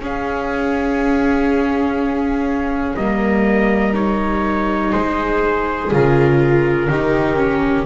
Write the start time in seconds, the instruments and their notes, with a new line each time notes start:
0.00 double bass C#4, viola C#4, violin G#4, trumpet F5
2.96 double bass G3, viola A#3, violin A#4, trumpet D#5
3.94 viola D#4, trumpet C#5
4.91 double bass G#3, violin G#4, trumpet C5
5.92 double bass C#3, viola F4, trumpet A#4
6.89 double bass D#3, viola D#4, violin G4
7.36 viola C#4